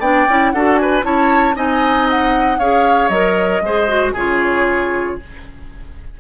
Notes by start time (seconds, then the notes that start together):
0.00 B3 D4 D5 G5
0.28 C#4 E4
0.52 D4 F#4 A4 F#5
0.77 B4 G#5
1.03 C#4 E4 C#5 A5
1.56 C4 D#4 D#5 G#5
2.10 F#5
2.59 C#4 G#4 C#5 F5
3.09 F#3 A#4 D#5
3.61 G#3 G#4 C5
3.88 F#4
4.14 C#3 F4 G#4 C#5